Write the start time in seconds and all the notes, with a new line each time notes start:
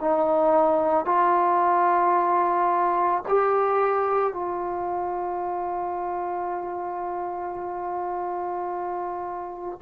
0.00 D#4
1.05 F4
3.28 G4
4.33 F4